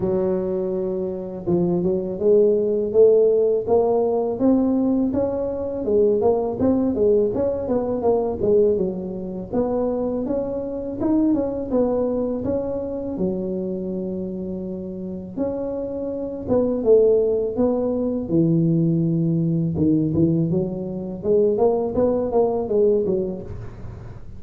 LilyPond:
\new Staff \with { instrumentName = "tuba" } { \time 4/4 \tempo 4 = 82 fis2 f8 fis8 gis4 | a4 ais4 c'4 cis'4 | gis8 ais8 c'8 gis8 cis'8 b8 ais8 gis8 | fis4 b4 cis'4 dis'8 cis'8 |
b4 cis'4 fis2~ | fis4 cis'4. b8 a4 | b4 e2 dis8 e8 | fis4 gis8 ais8 b8 ais8 gis8 fis8 | }